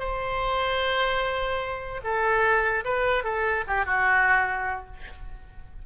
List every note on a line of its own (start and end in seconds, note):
0.00 2.01 C5
2.04 2.85 A4
2.85 3.24 B4
3.24 3.65 A4
3.68 3.86 G4
3.86 4.87 F#4